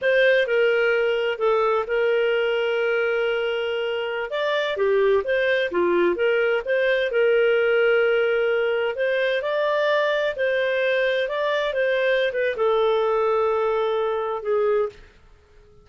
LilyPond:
\new Staff \with { instrumentName = "clarinet" } { \time 4/4 \tempo 4 = 129 c''4 ais'2 a'4 | ais'1~ | ais'4~ ais'16 d''4 g'4 c''8.~ | c''16 f'4 ais'4 c''4 ais'8.~ |
ais'2.~ ais'16 c''8.~ | c''16 d''2 c''4.~ c''16~ | c''16 d''4 c''4~ c''16 b'8 a'4~ | a'2. gis'4 | }